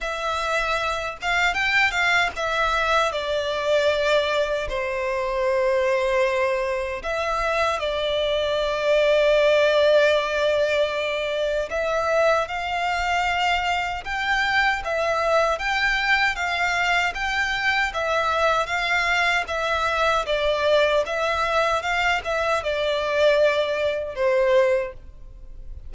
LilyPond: \new Staff \with { instrumentName = "violin" } { \time 4/4 \tempo 4 = 77 e''4. f''8 g''8 f''8 e''4 | d''2 c''2~ | c''4 e''4 d''2~ | d''2. e''4 |
f''2 g''4 e''4 | g''4 f''4 g''4 e''4 | f''4 e''4 d''4 e''4 | f''8 e''8 d''2 c''4 | }